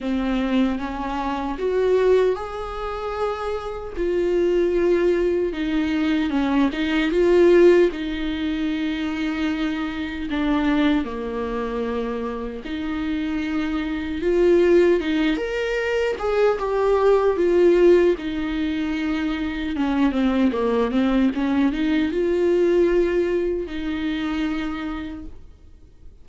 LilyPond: \new Staff \with { instrumentName = "viola" } { \time 4/4 \tempo 4 = 76 c'4 cis'4 fis'4 gis'4~ | gis'4 f'2 dis'4 | cis'8 dis'8 f'4 dis'2~ | dis'4 d'4 ais2 |
dis'2 f'4 dis'8 ais'8~ | ais'8 gis'8 g'4 f'4 dis'4~ | dis'4 cis'8 c'8 ais8 c'8 cis'8 dis'8 | f'2 dis'2 | }